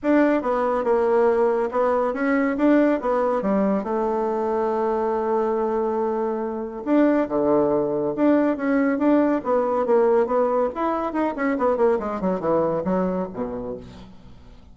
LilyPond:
\new Staff \with { instrumentName = "bassoon" } { \time 4/4 \tempo 4 = 140 d'4 b4 ais2 | b4 cis'4 d'4 b4 | g4 a2.~ | a1 |
d'4 d2 d'4 | cis'4 d'4 b4 ais4 | b4 e'4 dis'8 cis'8 b8 ais8 | gis8 fis8 e4 fis4 b,4 | }